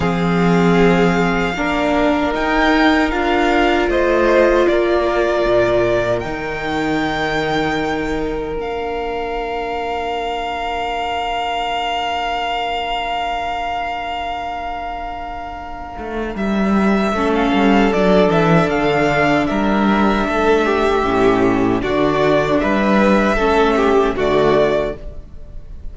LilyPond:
<<
  \new Staff \with { instrumentName = "violin" } { \time 4/4 \tempo 4 = 77 f''2. g''4 | f''4 dis''4 d''2 | g''2. f''4~ | f''1~ |
f''1~ | f''4 e''4~ e''16 f''8. d''8 e''8 | f''4 e''2. | d''4 e''2 d''4 | }
  \new Staff \with { instrumentName = "violin" } { \time 4/4 gis'2 ais'2~ | ais'4 c''4 ais'2~ | ais'1~ | ais'1~ |
ais'1~ | ais'2 a'2~ | a'4 ais'4 a'8 g'4. | fis'4 b'4 a'8 g'8 fis'4 | }
  \new Staff \with { instrumentName = "viola" } { \time 4/4 c'2 d'4 dis'4 | f'1 | dis'2. d'4~ | d'1~ |
d'1~ | d'2 cis'4 d'4~ | d'2. cis'4 | d'2 cis'4 a4 | }
  \new Staff \with { instrumentName = "cello" } { \time 4/4 f2 ais4 dis'4 | d'4 a4 ais4 ais,4 | dis2. ais4~ | ais1~ |
ais1~ | ais8 a8 g4 a8 g8 fis8 e8 | d4 g4 a4 a,4 | d4 g4 a4 d4 | }
>>